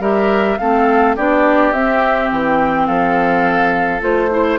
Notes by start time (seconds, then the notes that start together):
0.00 G3 G4 A#4 E5
0.59 A3 C4 A4 F5
1.17 B3 D4 G4 D5
1.73 C4 E5
2.32 E3 G5
2.87 F3 A4 F5
4.01 A3 F4 C5
4.31 E4 C5